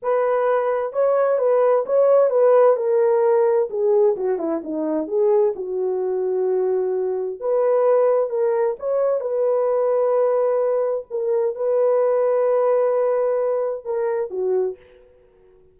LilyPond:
\new Staff \with { instrumentName = "horn" } { \time 4/4 \tempo 4 = 130 b'2 cis''4 b'4 | cis''4 b'4 ais'2 | gis'4 fis'8 e'8 dis'4 gis'4 | fis'1 |
b'2 ais'4 cis''4 | b'1 | ais'4 b'2.~ | b'2 ais'4 fis'4 | }